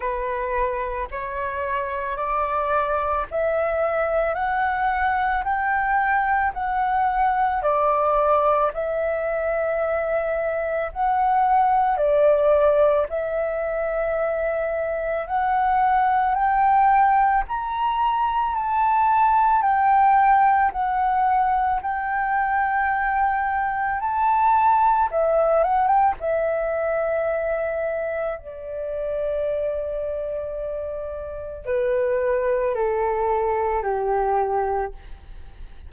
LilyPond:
\new Staff \with { instrumentName = "flute" } { \time 4/4 \tempo 4 = 55 b'4 cis''4 d''4 e''4 | fis''4 g''4 fis''4 d''4 | e''2 fis''4 d''4 | e''2 fis''4 g''4 |
ais''4 a''4 g''4 fis''4 | g''2 a''4 e''8 fis''16 g''16 | e''2 d''2~ | d''4 b'4 a'4 g'4 | }